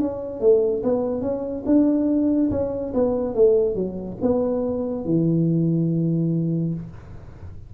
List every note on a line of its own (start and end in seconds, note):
0.00 0.41 C#4
0.41 0.83 A3
0.84 1.22 B3
1.22 1.64 C#4
1.66 2.51 D4
2.51 2.93 C#4
2.94 3.35 B3
3.35 3.75 A3
3.75 4.18 F#3
4.22 5.06 B3
5.06 6.75 E3